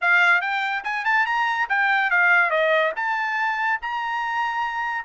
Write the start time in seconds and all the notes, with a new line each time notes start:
0.01 F5
0.41 G5
0.84 G#5
1.05 A5
1.26 A#5
1.69 G5
2.10 F5
2.50 D#5
2.96 A5
3.81 A#5